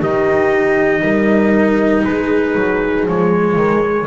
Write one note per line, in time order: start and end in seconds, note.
0.00 1.02 D#3
0.00 3.07 D#4
0.00 1.02 G4
0.00 2.04 D#5
1.02 2.04 G3
1.02 2.05 A#4
2.04 2.55 G#3
2.04 4.07 G#4
2.04 3.06 B4
2.55 3.06 F#3
3.06 3.56 F3
3.06 4.07 G#3
3.06 4.07 C#5
3.56 4.06 D#3